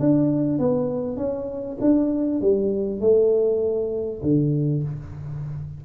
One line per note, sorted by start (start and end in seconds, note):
0.00 0.59 D4
0.59 1.17 B3
1.17 1.78 C#4
1.81 2.42 D4
2.42 3.01 G3
3.01 4.22 A3
4.23 4.83 D3